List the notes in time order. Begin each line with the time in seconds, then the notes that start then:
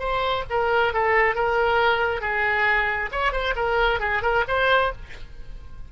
0.00 C5
0.50 A#4
0.94 A4
1.36 A#4
2.21 G#4
3.12 C#5
3.33 C5
3.56 A#4
4.00 G#4
4.23 A#4
4.48 C5